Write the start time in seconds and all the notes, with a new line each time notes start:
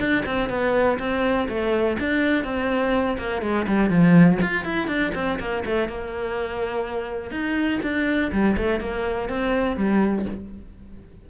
0.00 D4
0.26 C4
0.50 B3
0.99 C4
1.49 A3
2.00 D4
2.44 C4
3.19 A#3
3.42 G#3
3.68 G3
3.90 F3
4.42 F4
4.65 E4
4.88 D4
5.15 C4
5.40 A#3
5.66 A3
5.89 A#3
7.31 D#4
7.83 D4
8.32 G3
8.58 A3
8.80 A#3
9.29 C4
9.77 G3